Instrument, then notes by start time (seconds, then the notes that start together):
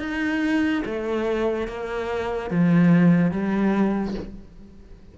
cello
0.00 D#4
0.86 A3
1.68 A#3
2.51 F3
3.31 G3